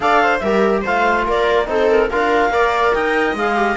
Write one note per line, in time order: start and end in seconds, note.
0.00 0.40 D4
0.00 0.38 A4
0.00 0.22 D5
0.00 0.39 F5
0.22 0.43 C5
0.39 0.83 G3
0.39 0.86 G4
0.39 0.81 A#4
0.39 0.81 E5
0.81 1.28 A3
0.81 1.66 F4
0.81 1.23 C5
0.81 1.27 F5
1.26 1.67 A#3
1.26 1.68 A#4
1.26 1.69 D5
1.66 2.09 C4
1.66 2.08 D#4
1.66 2.10 A4
1.66 1.90 C5
1.90 2.10 A#4
2.10 2.50 D4
2.10 2.51 F4
2.10 2.52 A#4
2.10 2.93 F5
2.50 2.92 A#3
2.50 3.34 A#4
2.50 2.94 D5
2.93 3.33 D#4
2.93 3.77 D#5
2.93 3.35 G5
3.33 3.75 G#3
3.33 3.55 G#4
3.33 3.77 F5
3.55 3.76 G4